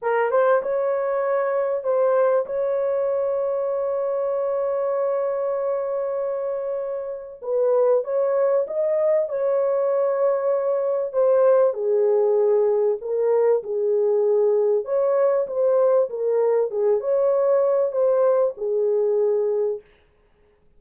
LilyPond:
\new Staff \with { instrumentName = "horn" } { \time 4/4 \tempo 4 = 97 ais'8 c''8 cis''2 c''4 | cis''1~ | cis''1 | b'4 cis''4 dis''4 cis''4~ |
cis''2 c''4 gis'4~ | gis'4 ais'4 gis'2 | cis''4 c''4 ais'4 gis'8 cis''8~ | cis''4 c''4 gis'2 | }